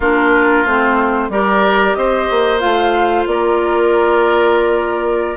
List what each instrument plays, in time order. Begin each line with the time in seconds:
0.00 bassoon A#3, clarinet D4, oboe F4, flute A#4
0.65 bassoon A3, clarinet C4, flute C5
1.29 bassoon G3, clarinet G4, oboe A#4, flute D5
1.94 bassoon C4, oboe C5, flute D#5
2.30 bassoon A#3
2.59 bassoon A3, clarinet F4, flute F5
3.26 bassoon A#3, oboe A#4, flute D5